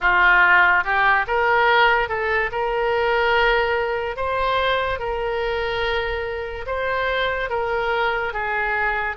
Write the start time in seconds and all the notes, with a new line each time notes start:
0.00 F4
0.84 G4
1.27 A#4
2.08 A4
2.51 A#4
4.16 C5
4.98 A#4
6.66 C5
7.49 A#4
8.33 G#4